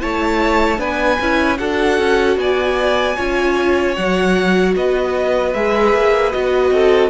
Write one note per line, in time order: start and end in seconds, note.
0.00 0.78 A3
0.00 0.77 E4
0.00 0.79 C#5
0.00 0.80 A5
0.77 1.18 B3
0.77 1.17 D4
0.77 1.58 B4
0.77 1.58 G#5
1.20 1.59 C#4
1.20 1.57 E4
1.57 1.99 D4
1.57 3.15 F#4
1.57 2.38 A4
1.57 2.37 F#5
1.99 2.37 C#4
2.37 3.16 B3
2.37 3.16 D5
2.37 3.95 G#5
3.16 3.97 C#4
3.16 3.96 F4
3.16 4.74 C#5
3.95 4.75 F#3
3.95 5.55 F#4
3.95 4.74 F#5
4.75 5.54 B3
4.75 6.73 B4
4.75 5.53 D#5
5.53 5.94 G#3
5.53 6.32 G#4
5.53 6.32 E5
5.94 6.33 A#3
6.32 6.71 B3
6.32 7.10 F#4
6.32 7.10 D#5
6.71 7.10 C4
6.71 7.10 A4